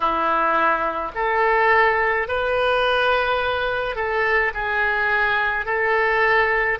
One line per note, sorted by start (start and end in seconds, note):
0.00 1.12 E4
1.14 2.27 A4
2.27 3.95 B4
3.95 4.52 A4
4.53 5.66 G#4
5.66 6.79 A4